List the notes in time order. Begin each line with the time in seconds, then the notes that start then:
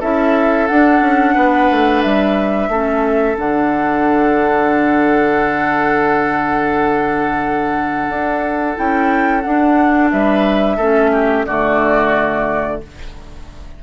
0.00 C#4 E4 A4 E5
0.67 D4 F#5
1.01 C#4
1.34 B3 B4
1.71 A3
2.02 G3 E5
2.68 A3 C#4 A4
3.35 D3 D4 F#5
8.09 D4
8.75 C#4 E4 G5
9.41 D4 F#5
10.11 G3 B4 E5
10.76 A3 C#4 A4
11.12 G4
11.46 D3 A3 F#4 D5